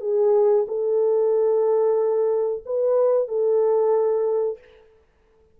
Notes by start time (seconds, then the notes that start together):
0.00 G#4
0.68 A4
2.66 B4
3.28 A4